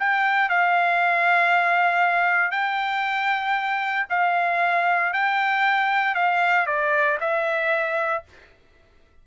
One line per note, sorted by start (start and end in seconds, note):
0.00 0.50 G5
0.50 2.52 F5
2.52 4.07 G5
4.10 5.13 F5
5.13 6.15 G5
6.15 6.67 F5
6.67 7.18 D5
7.21 8.24 E5